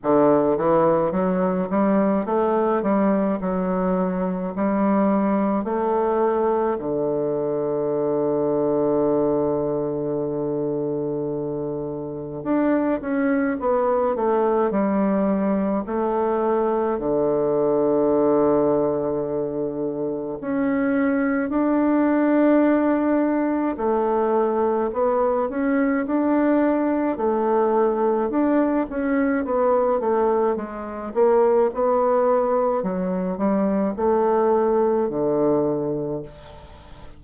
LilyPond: \new Staff \with { instrumentName = "bassoon" } { \time 4/4 \tempo 4 = 53 d8 e8 fis8 g8 a8 g8 fis4 | g4 a4 d2~ | d2. d'8 cis'8 | b8 a8 g4 a4 d4~ |
d2 cis'4 d'4~ | d'4 a4 b8 cis'8 d'4 | a4 d'8 cis'8 b8 a8 gis8 ais8 | b4 fis8 g8 a4 d4 | }